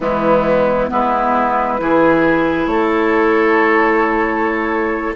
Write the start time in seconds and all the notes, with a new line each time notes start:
0.00 E3 G#3 B3 E4
0.88 G#3 B3 E4 B4
1.78 E3 E4 G#4
2.66 A3 A4 C#5